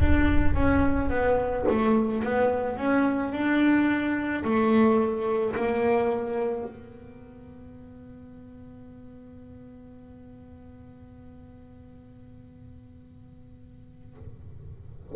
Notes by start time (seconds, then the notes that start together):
0.00 D4
0.54 C#4
1.10 B3
1.69 A3
2.24 B3
2.77 C#4
3.33 D4
4.44 A3
5.56 A#3
6.65 B3